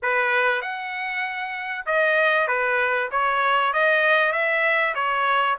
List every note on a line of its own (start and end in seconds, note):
0.02 0.61 B4
0.61 1.85 F#5
1.86 2.47 D#5
2.47 3.09 B4
3.11 3.73 C#5
3.73 4.32 D#5
4.32 4.94 E5
4.95 5.56 C#5